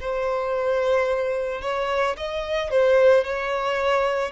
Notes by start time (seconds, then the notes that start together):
0.00 C5
1.61 C#5
2.16 D#5
2.70 C5
3.24 C#5